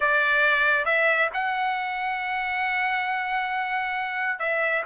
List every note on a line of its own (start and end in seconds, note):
0.00 0.85 D5
0.85 1.29 E5
1.33 4.39 F#5
4.39 4.83 E5